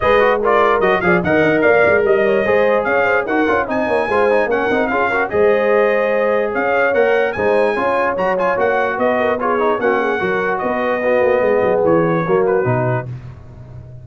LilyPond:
<<
  \new Staff \with { instrumentName = "trumpet" } { \time 4/4 \tempo 4 = 147 dis''4 d''4 dis''8 f''8 fis''4 | f''4 dis''2 f''4 | fis''4 gis''2 fis''4 | f''4 dis''2. |
f''4 fis''4 gis''2 | ais''8 gis''8 fis''4 dis''4 cis''4 | fis''2 dis''2~ | dis''4 cis''4. b'4. | }
  \new Staff \with { instrumentName = "horn" } { \time 4/4 b'4 ais'4. d''8 dis''4 | d''4 dis''8 cis''8 c''4 cis''8 c''8 | ais'4 dis''8 cis''8 c''4 ais'4 | gis'8 ais'8 c''2. |
cis''2 c''4 cis''4~ | cis''2 b'8 ais'8 gis'4 | fis'8 gis'8 ais'4 b'4 fis'4 | gis'2 fis'2 | }
  \new Staff \with { instrumentName = "trombone" } { \time 4/4 gis'8 fis'8 f'4 fis'8 gis'8 ais'4~ | ais'2 gis'2 | fis'8 f'8 dis'4 f'8 dis'8 cis'8 dis'8 | f'8 fis'8 gis'2.~ |
gis'4 ais'4 dis'4 f'4 | fis'8 f'8 fis'2 f'8 dis'8 | cis'4 fis'2 b4~ | b2 ais4 dis'4 | }
  \new Staff \with { instrumentName = "tuba" } { \time 4/4 gis2 fis8 f8 dis8 dis'8 | ais8 gis8 g4 gis4 cis'4 | dis'8 cis'8 c'8 ais8 gis4 ais8 c'8 | cis'4 gis2. |
cis'4 ais4 gis4 cis'4 | fis4 ais4 b2 | ais4 fis4 b4. ais8 | gis8 fis8 e4 fis4 b,4 | }
>>